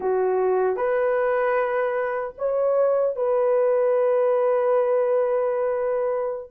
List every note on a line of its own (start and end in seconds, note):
0.00 0.76 F#4
0.76 2.34 B4
2.38 3.15 C#5
3.15 6.51 B4